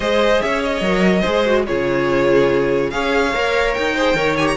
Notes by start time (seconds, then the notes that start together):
0.00 G#3 G#4 C5 D#5
0.41 C#4 C#5 E5
0.63 D#5
0.80 F#3 A#4
1.21 G#3 G#4 C5
1.45 F#4
1.66 C#3 F4 G#4 C#5
2.90 C#4 G#4 C#5 F5
3.33 A#3 A#4
3.73 D#4 G5
3.95 G#4 C5
4.14 D#3 A#4 C#5
4.37 G4 G#5
4.47 A#5